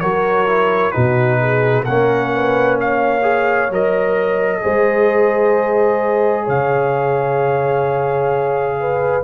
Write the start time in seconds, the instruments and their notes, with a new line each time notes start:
0.00 tuba F#3, trombone F#4, horn A#4, trumpet C#5
0.47 trombone E4
0.92 tuba B2, trombone D#4, horn F#4, trumpet B4
1.41 horn G#4
1.84 tuba A#3, trombone C#4, horn A#4, trumpet F#5
2.35 horn B4
2.81 horn C#5, trumpet F5
3.22 trombone G#4
3.71 tuba F#3, trombone A#4, trumpet D#5
4.61 tuba G#3, trombone G#4, horn C5
6.45 tuba C#3, horn C#5, trumpet F5
8.80 horn B4